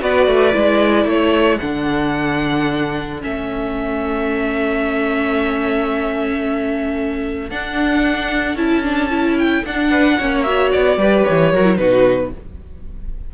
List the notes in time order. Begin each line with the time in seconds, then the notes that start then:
0.00 B3 F#4 B4 D5
0.27 A3
0.52 G#3 E4
1.05 A3 A4 C#5
1.59 D3 D4 F#5
3.22 A3 C#4 E5
7.50 D4 F#5
8.56 C#4 E4 A5
8.83 D4
9.10 E4
9.38 G5
9.65 D4 F#5
9.90 B4
10.18 A#3 C#4 C#5
10.43 F#4 E5
10.72 B3 D5
10.97 G3 G4 B4
11.25 E3 C#5
11.52 F#3 F#4 A#4
11.65 E4
11.77 B2 D#4 F#4 B4